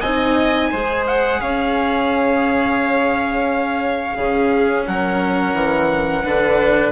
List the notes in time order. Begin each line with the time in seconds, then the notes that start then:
0.00 C4 D#4 D#5 G#5
0.71 G#3 G#4 C5
1.07 F#5
1.41 C#4 C#5 F5
4.15 C#3 C#4 G#4
4.86 F#3 A#4 F#5
5.53 E3
6.23 D3 D4 B4